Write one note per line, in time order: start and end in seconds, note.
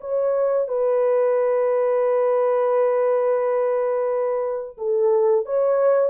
0.00 0.68 C#5
0.68 4.77 B4
4.77 5.45 A4
5.45 6.10 C#5